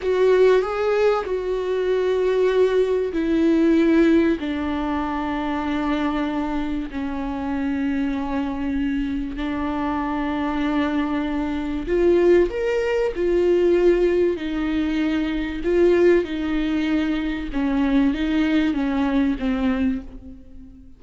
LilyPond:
\new Staff \with { instrumentName = "viola" } { \time 4/4 \tempo 4 = 96 fis'4 gis'4 fis'2~ | fis'4 e'2 d'4~ | d'2. cis'4~ | cis'2. d'4~ |
d'2. f'4 | ais'4 f'2 dis'4~ | dis'4 f'4 dis'2 | cis'4 dis'4 cis'4 c'4 | }